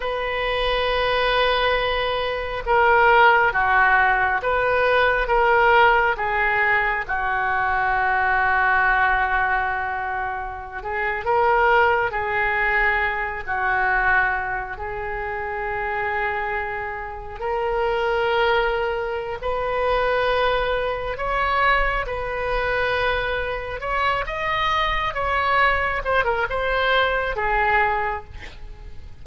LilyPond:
\new Staff \with { instrumentName = "oboe" } { \time 4/4 \tempo 4 = 68 b'2. ais'4 | fis'4 b'4 ais'4 gis'4 | fis'1~ | fis'16 gis'8 ais'4 gis'4. fis'8.~ |
fis'8. gis'2. ais'16~ | ais'2 b'2 | cis''4 b'2 cis''8 dis''8~ | dis''8 cis''4 c''16 ais'16 c''4 gis'4 | }